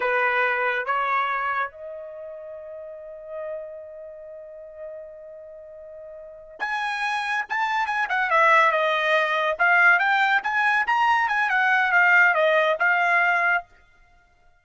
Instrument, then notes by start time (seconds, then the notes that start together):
trumpet
0.00 B4
0.85 C#5
1.70 D#5
6.59 G#5
7.49 A5
7.86 G#5
8.09 F#5
8.30 E5
8.71 D#5
9.58 F5
9.99 G5
10.43 G#5
10.86 A#5
11.28 G#5
11.49 F#5
11.92 F5
12.34 D#5
12.79 F5